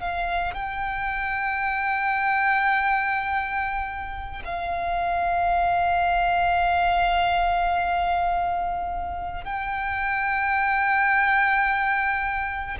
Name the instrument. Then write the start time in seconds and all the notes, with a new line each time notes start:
violin
0.00 F5
0.54 G5
4.44 F5
9.44 G5